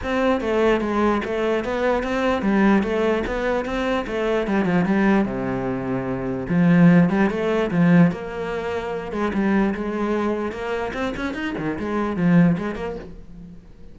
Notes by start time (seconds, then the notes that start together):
0.03 C4
0.40 A3
0.81 G#3
1.24 A3
1.64 B3
2.03 C4
2.42 G3
2.82 A3
3.26 B3
3.65 C4
4.07 A3
4.47 G3
4.64 F3
4.85 G3
5.25 C3
6.48 F3
7.09 G3
7.30 A3
7.70 F3
8.11 A#3
9.11 G#3
9.33 G3
9.74 G#3
10.51 A#3
10.93 C4
11.16 C#4
11.34 D#4
11.58 D#3
11.79 G#3
12.16 F3
12.57 G#3
12.75 A#3